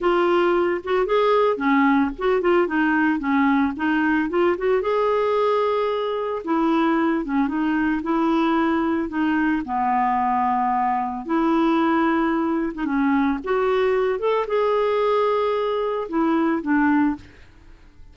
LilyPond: \new Staff \with { instrumentName = "clarinet" } { \time 4/4 \tempo 4 = 112 f'4. fis'8 gis'4 cis'4 | fis'8 f'8 dis'4 cis'4 dis'4 | f'8 fis'8 gis'2. | e'4. cis'8 dis'4 e'4~ |
e'4 dis'4 b2~ | b4 e'2~ e'8. dis'16 | cis'4 fis'4. a'8 gis'4~ | gis'2 e'4 d'4 | }